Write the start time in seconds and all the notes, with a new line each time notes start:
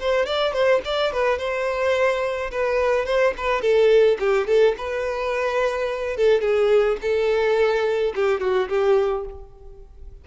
0.00 C5
0.26 D5
0.54 C5
0.85 D5
1.12 B4
1.39 C5
2.52 B4
3.06 C5
3.37 B4
3.62 A4
4.20 G4
4.47 A4
4.78 B4
6.17 A4
6.41 G#4
7.02 A4
8.16 G4
8.41 F#4
8.69 G4